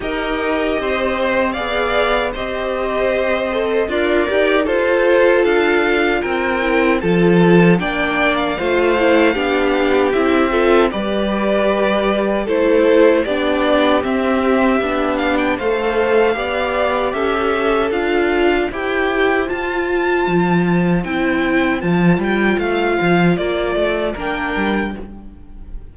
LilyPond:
<<
  \new Staff \with { instrumentName = "violin" } { \time 4/4 \tempo 4 = 77 dis''2 f''4 dis''4~ | dis''4 d''4 c''4 f''4 | g''4 a''4 g''8. f''4~ f''16~ | f''4 e''4 d''2 |
c''4 d''4 e''4. f''16 g''16 | f''2 e''4 f''4 | g''4 a''2 g''4 | a''8 g''8 f''4 d''4 g''4 | }
  \new Staff \with { instrumentName = "violin" } { \time 4/4 ais'4 c''4 d''4 c''4~ | c''4 f'8 g'8 a'2 | ais'4 a'4 d''4 c''4 | g'4. a'8 b'2 |
a'4 g'2. | c''4 d''4 a'2 | c''1~ | c''2. ais'4 | }
  \new Staff \with { instrumentName = "viola" } { \time 4/4 g'2 gis'4 g'4~ | g'8 a'8 ais'4 f'2~ | f'8 e'8 f'4 d'4 f'8 e'8 | d'4 e'8 f'8 g'2 |
e'4 d'4 c'4 d'4 | a'4 g'2 f'4 | g'4 f'2 e'4 | f'2. d'4 | }
  \new Staff \with { instrumentName = "cello" } { \time 4/4 dis'4 c'4 b4 c'4~ | c'4 d'8 dis'8 f'4 d'4 | c'4 f4 ais4 a4 | b4 c'4 g2 |
a4 b4 c'4 b4 | a4 b4 cis'4 d'4 | e'4 f'4 f4 c'4 | f8 g8 a8 f8 ais8 a8 ais8 g8 | }
>>